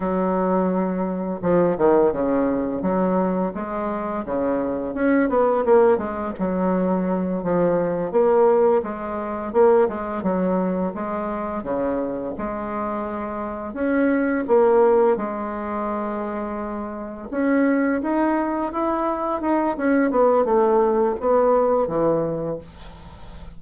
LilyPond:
\new Staff \with { instrumentName = "bassoon" } { \time 4/4 \tempo 4 = 85 fis2 f8 dis8 cis4 | fis4 gis4 cis4 cis'8 b8 | ais8 gis8 fis4. f4 ais8~ | ais8 gis4 ais8 gis8 fis4 gis8~ |
gis8 cis4 gis2 cis'8~ | cis'8 ais4 gis2~ gis8~ | gis8 cis'4 dis'4 e'4 dis'8 | cis'8 b8 a4 b4 e4 | }